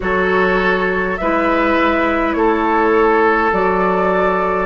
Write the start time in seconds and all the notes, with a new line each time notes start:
0.00 F#3 F#4 A4 C#5
1.17 G#3 E4 B4 E5
2.32 A3 A4 C#5
3.52 F#3 F#4 D5